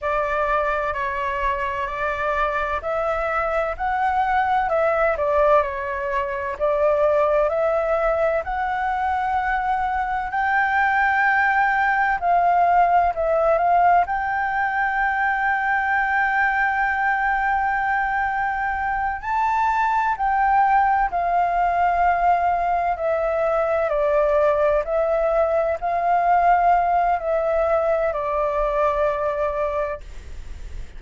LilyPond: \new Staff \with { instrumentName = "flute" } { \time 4/4 \tempo 4 = 64 d''4 cis''4 d''4 e''4 | fis''4 e''8 d''8 cis''4 d''4 | e''4 fis''2 g''4~ | g''4 f''4 e''8 f''8 g''4~ |
g''1~ | g''8 a''4 g''4 f''4.~ | f''8 e''4 d''4 e''4 f''8~ | f''4 e''4 d''2 | }